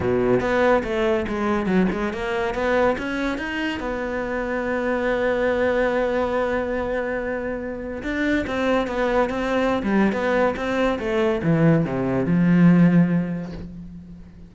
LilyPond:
\new Staff \with { instrumentName = "cello" } { \time 4/4 \tempo 4 = 142 b,4 b4 a4 gis4 | fis8 gis8 ais4 b4 cis'4 | dis'4 b2.~ | b1~ |
b2. d'4 | c'4 b4 c'4~ c'16 g8. | b4 c'4 a4 e4 | c4 f2. | }